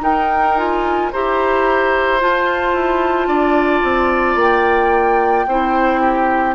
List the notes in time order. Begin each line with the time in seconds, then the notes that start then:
0.00 D#4 A#4 G5
0.57 F4 G#5
1.12 E4 G4 C5 A#5
2.20 F4 A5
2.74 E4
3.28 D4 D5
3.84 C4
4.36 A#3 G5
5.48 C4 E4 C5
6.01 G4